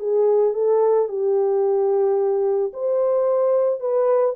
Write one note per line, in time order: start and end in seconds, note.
0.00 0.54 G#4
0.54 1.08 A4
1.09 2.72 G4
2.73 3.80 C5
3.80 4.35 B4